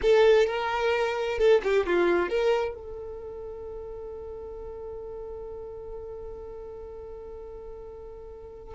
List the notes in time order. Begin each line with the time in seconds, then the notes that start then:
0.01 A4
0.47 A#4
1.38 A4
1.63 G4
1.86 F4
2.29 A#4
2.74 A4